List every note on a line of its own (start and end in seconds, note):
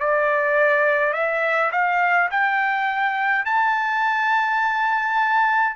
0.00 1.13 D5
1.13 1.70 E5
1.72 2.29 F5
2.31 3.45 G5
3.45 5.76 A5